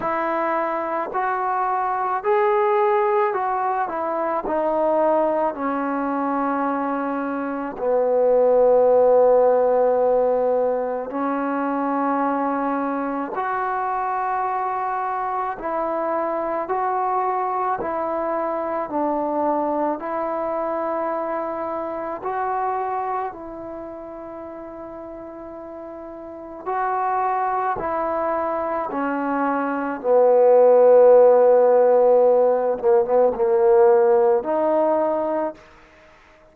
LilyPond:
\new Staff \with { instrumentName = "trombone" } { \time 4/4 \tempo 4 = 54 e'4 fis'4 gis'4 fis'8 e'8 | dis'4 cis'2 b4~ | b2 cis'2 | fis'2 e'4 fis'4 |
e'4 d'4 e'2 | fis'4 e'2. | fis'4 e'4 cis'4 b4~ | b4. ais16 b16 ais4 dis'4 | }